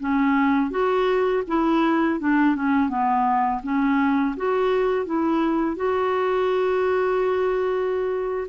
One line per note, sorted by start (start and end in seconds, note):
0.00 0.71 C#4
0.71 1.43 F#4
1.48 2.20 E4
2.20 2.56 D4
2.56 2.89 C#4
2.89 3.61 B3
3.63 4.35 C#4
4.37 5.06 F#4
5.06 5.76 E4
5.76 8.47 F#4